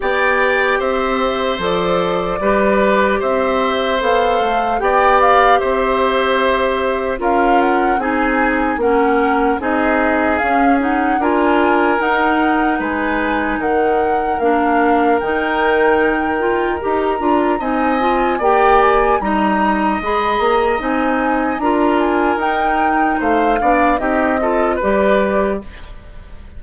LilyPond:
<<
  \new Staff \with { instrumentName = "flute" } { \time 4/4 \tempo 4 = 75 g''4 e''4 d''2 | e''4 f''4 g''8 f''8 e''4~ | e''4 f''8 fis''8 gis''4 fis''4 | dis''4 f''8 fis''8 gis''4 fis''4 |
gis''4 fis''4 f''4 g''4~ | g''4 ais''4 gis''4 g''8 gis''8 | ais''4 b''8 ais''8 gis''4 ais''8 gis''8 | g''4 f''4 dis''4 d''4 | }
  \new Staff \with { instrumentName = "oboe" } { \time 4/4 d''4 c''2 b'4 | c''2 d''4 c''4~ | c''4 ais'4 gis'4 ais'4 | gis'2 ais'2 |
b'4 ais'2.~ | ais'2 dis''4 d''4 | dis''2. ais'4~ | ais'4 c''8 d''8 g'8 a'8 b'4 | }
  \new Staff \with { instrumentName = "clarinet" } { \time 4/4 g'2 a'4 g'4~ | g'4 a'4 g'2~ | g'4 f'4 dis'4 cis'4 | dis'4 cis'8 dis'8 f'4 dis'4~ |
dis'2 d'4 dis'4~ | dis'8 f'8 g'8 f'8 dis'8 f'8 g'4 | dis'4 gis'4 dis'4 f'4 | dis'4. d'8 dis'8 f'8 g'4 | }
  \new Staff \with { instrumentName = "bassoon" } { \time 4/4 b4 c'4 f4 g4 | c'4 b8 a8 b4 c'4~ | c'4 cis'4 c'4 ais4 | c'4 cis'4 d'4 dis'4 |
gis4 dis4 ais4 dis4~ | dis4 dis'8 d'8 c'4 ais4 | g4 gis8 ais8 c'4 d'4 | dis'4 a8 b8 c'4 g4 | }
>>